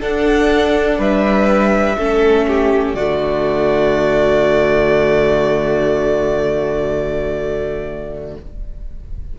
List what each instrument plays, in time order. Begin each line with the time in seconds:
0.00 viola D4, cello D4, violin A4 F#5
0.98 cello G3, violin B4 E5
1.97 cello A3, viola C#4, violin A4
2.48 violin G4
2.95 cello D3, viola A3, violin F#4 D5